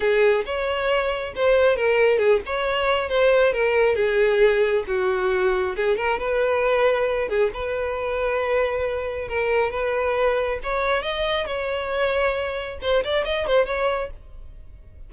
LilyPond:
\new Staff \with { instrumentName = "violin" } { \time 4/4 \tempo 4 = 136 gis'4 cis''2 c''4 | ais'4 gis'8 cis''4. c''4 | ais'4 gis'2 fis'4~ | fis'4 gis'8 ais'8 b'2~ |
b'8 gis'8 b'2.~ | b'4 ais'4 b'2 | cis''4 dis''4 cis''2~ | cis''4 c''8 d''8 dis''8 c''8 cis''4 | }